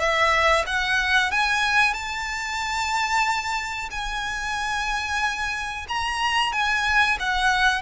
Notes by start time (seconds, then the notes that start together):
0.00 E5
0.67 F#5
1.32 G#5
1.94 A5
3.91 G#5
5.89 A#5
6.53 G#5
7.20 F#5